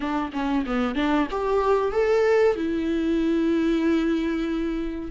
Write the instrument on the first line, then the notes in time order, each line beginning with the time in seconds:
viola
0.00 D4
0.32 C#4
0.66 B3
0.95 D4
1.31 G4
1.91 A4
2.55 E4